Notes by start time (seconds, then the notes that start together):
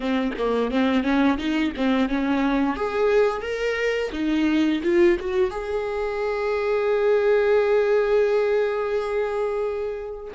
0.00 C4
0.38 A#3
0.71 C4
1.03 C#4
1.38 D#4
1.76 C4
2.08 C#4
2.76 G#4
3.41 A#4
4.12 D#4
4.83 F4
5.19 F#4
5.50 G#4